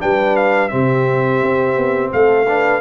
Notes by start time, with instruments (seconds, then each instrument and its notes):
0.00 tuba G3, trombone D4, horn B4, trumpet G5
0.36 trumpet F5
0.69 tuba C3, trombone C4, horn G4, trumpet E5
1.42 tuba C4
1.77 tuba B3
2.12 tuba A3, horn A4, trumpet F5
2.48 trombone D4, horn B4